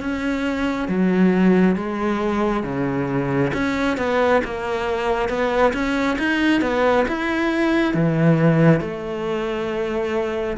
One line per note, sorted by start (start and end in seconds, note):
0.00 0.88 C#4
0.88 1.75 F#3
1.75 2.63 G#3
2.63 3.51 C#3
3.53 3.97 C#4
3.97 4.41 B3
4.44 5.29 A#3
5.29 5.73 B3
5.73 6.17 C#4
6.18 6.61 D#4
6.61 7.05 B3
7.07 7.94 E4
7.94 8.80 E3
8.80 10.57 A3